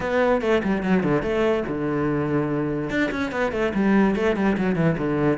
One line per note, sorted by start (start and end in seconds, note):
0.00 0.41 B3
0.41 0.62 A3
0.63 0.82 G3
0.82 1.03 F#3
1.03 1.22 D3
1.22 1.63 A3
1.68 2.89 D3
2.89 3.10 D4
3.11 3.31 C#4
3.31 3.52 B3
3.52 3.72 A3
3.74 4.15 G3
4.15 4.36 A3
4.36 4.56 G3
4.57 4.75 F#3
4.75 4.96 E3
4.98 5.38 D3